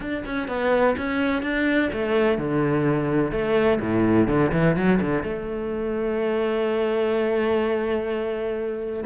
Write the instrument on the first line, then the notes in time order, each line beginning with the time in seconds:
cello
0.00 D4
0.25 C#4
0.48 B3
0.97 C#4
1.42 D4
1.92 A3
2.38 D3
3.31 A3
3.80 A2
4.27 D3
4.52 E3
4.76 F#3
5.00 D3
5.23 A3